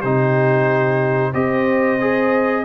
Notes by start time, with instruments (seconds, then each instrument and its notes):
0.00 tuba C3, trombone D#4, horn G4, trumpet C5
1.32 tuba C4, trombone G4, horn C5, trumpet D#5
2.01 trombone G#4